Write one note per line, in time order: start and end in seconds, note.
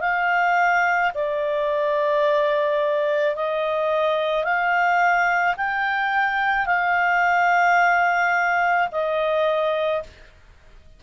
0.00 1.11 F5
1.14 3.35 D5
3.35 4.43 D#5
4.43 5.55 F5
5.57 6.66 G5
6.66 8.88 F5
8.91 10.02 D#5